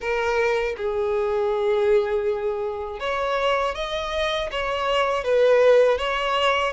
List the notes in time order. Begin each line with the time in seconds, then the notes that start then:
0.00 A#4
0.76 G#4
2.99 C#5
3.75 D#5
4.51 C#5
5.24 B4
5.98 C#5